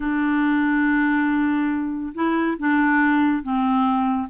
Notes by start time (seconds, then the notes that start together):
0.00 D4
2.14 E4
2.58 D4
3.42 C4